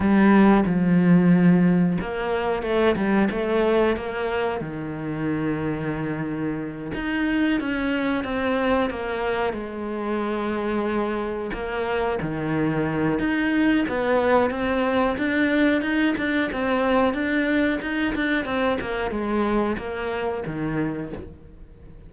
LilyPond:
\new Staff \with { instrumentName = "cello" } { \time 4/4 \tempo 4 = 91 g4 f2 ais4 | a8 g8 a4 ais4 dis4~ | dis2~ dis8 dis'4 cis'8~ | cis'8 c'4 ais4 gis4.~ |
gis4. ais4 dis4. | dis'4 b4 c'4 d'4 | dis'8 d'8 c'4 d'4 dis'8 d'8 | c'8 ais8 gis4 ais4 dis4 | }